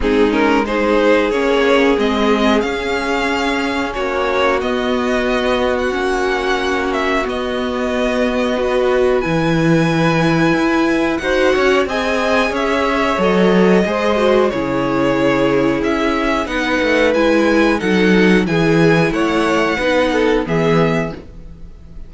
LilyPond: <<
  \new Staff \with { instrumentName = "violin" } { \time 4/4 \tempo 4 = 91 gis'8 ais'8 c''4 cis''4 dis''4 | f''2 cis''4 dis''4~ | dis''8. fis''4.~ fis''16 e''8 dis''4~ | dis''2 gis''2~ |
gis''4 fis''4 gis''4 e''4 | dis''2 cis''2 | e''4 fis''4 gis''4 fis''4 | gis''4 fis''2 e''4 | }
  \new Staff \with { instrumentName = "violin" } { \time 4/4 dis'4 gis'2.~ | gis'2 fis'2~ | fis'1~ | fis'4 b'2.~ |
b'4 c''8 cis''8 dis''4 cis''4~ | cis''4 c''4 gis'2~ | gis'4 b'2 a'4 | gis'4 cis''4 b'8 a'8 gis'4 | }
  \new Staff \with { instrumentName = "viola" } { \time 4/4 c'8 cis'8 dis'4 cis'4 c'4 | cis'2. b4~ | b4 cis'2 b4~ | b4 fis'4 e'2~ |
e'4 fis'4 gis'2 | a'4 gis'8 fis'8 e'2~ | e'4 dis'4 e'4 dis'4 | e'2 dis'4 b4 | }
  \new Staff \with { instrumentName = "cello" } { \time 4/4 gis2 ais4 gis4 | cis'2 ais4 b4~ | b4 ais2 b4~ | b2 e2 |
e'4 dis'8 cis'8 c'4 cis'4 | fis4 gis4 cis2 | cis'4 b8 a8 gis4 fis4 | e4 a4 b4 e4 | }
>>